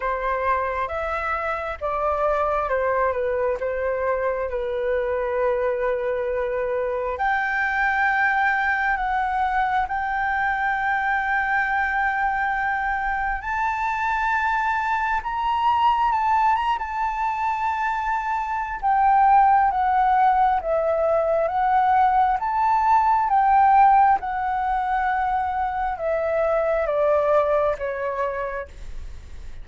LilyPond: \new Staff \with { instrumentName = "flute" } { \time 4/4 \tempo 4 = 67 c''4 e''4 d''4 c''8 b'8 | c''4 b'2. | g''2 fis''4 g''4~ | g''2. a''4~ |
a''4 ais''4 a''8 ais''16 a''4~ a''16~ | a''4 g''4 fis''4 e''4 | fis''4 a''4 g''4 fis''4~ | fis''4 e''4 d''4 cis''4 | }